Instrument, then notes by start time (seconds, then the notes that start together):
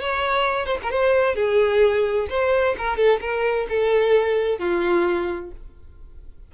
violin
0.00 C#5
0.66 C5
0.82 A#4
0.90 C5
1.35 G#4
2.29 C5
2.78 A#4
2.97 A4
3.20 A#4
3.69 A4
4.59 F4